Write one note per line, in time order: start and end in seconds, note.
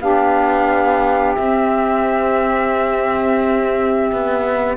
0.00 1.36 B3
0.00 1.37 D4
0.00 4.77 G4
0.00 1.35 F5
1.35 4.77 C4
1.35 4.11 C4
1.35 4.76 E5
4.12 4.77 B3